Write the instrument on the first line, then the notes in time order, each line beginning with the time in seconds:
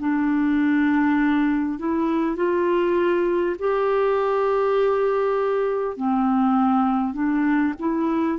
clarinet
0.00 D4
1.79 E4
2.37 F4
3.59 G4
5.97 C4
7.14 D4
7.80 E4